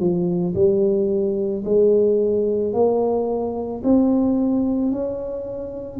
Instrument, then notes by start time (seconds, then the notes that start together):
tuba
0.00 F3
0.55 G3
1.65 G#3
2.73 A#3
3.84 C4
4.92 C#4